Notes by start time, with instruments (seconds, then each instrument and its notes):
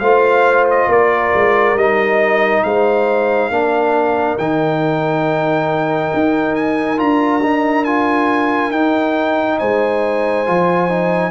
0.00 tuba A3, trombone F4, horn C5, trumpet F5
0.71 trumpet D#5
0.89 tuba A#3, horn A#4, trumpet D5
1.35 tuba G#3
1.75 tuba G3, trombone D#4, trumpet D#5
2.64 tuba G#3, horn C5, trumpet F5
3.50 tuba A#3, trombone D4, horn A#4
4.39 tuba D#3, trombone D#4, trumpet G5
6.14 tuba D#4
6.56 trumpet G#5
6.98 tuba D4, trombone F4, trumpet A#5
7.43 trombone D#4
7.85 trombone F4, trumpet G#5
8.71 tuba D#4, trombone D#4, trumpet G5
9.59 tuba G#3, horn C5, trumpet G#5
10.47 tuba F3, trombone F4
10.89 trombone D#4